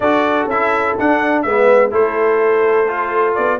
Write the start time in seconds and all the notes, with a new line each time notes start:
0.00 D4 F#4 A4 D5
0.46 C#4 E5
0.52 E4
0.98 D4 F#5
1.42 G#3 B3 B4 E5
1.91 A3 E4 A4 C5
2.88 F4
3.35 B3 D5